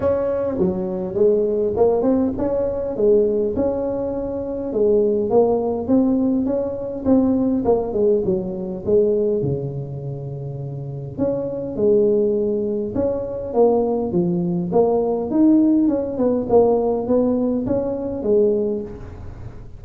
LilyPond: \new Staff \with { instrumentName = "tuba" } { \time 4/4 \tempo 4 = 102 cis'4 fis4 gis4 ais8 c'8 | cis'4 gis4 cis'2 | gis4 ais4 c'4 cis'4 | c'4 ais8 gis8 fis4 gis4 |
cis2. cis'4 | gis2 cis'4 ais4 | f4 ais4 dis'4 cis'8 b8 | ais4 b4 cis'4 gis4 | }